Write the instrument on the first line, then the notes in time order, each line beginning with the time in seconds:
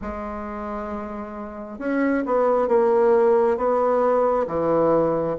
bassoon
0.01 G#3
1.78 C#4
2.26 B3
2.67 A#3
3.57 B3
4.47 E3